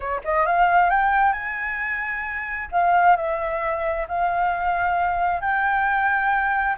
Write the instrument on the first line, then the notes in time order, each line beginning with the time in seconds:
flute
0.00 C#5
0.24 D#5
0.46 F5
0.89 G5
1.32 G#5
2.71 F5
3.16 E5
4.08 F5
5.40 G5